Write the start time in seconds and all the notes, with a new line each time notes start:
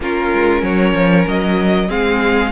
0.00 A#3 C#4 F4 A#4
0.32 G#3
0.61 F#3 A#4 C#5
0.93 F3
1.27 F#3 D#5
1.88 G#3 C4 G#4 F5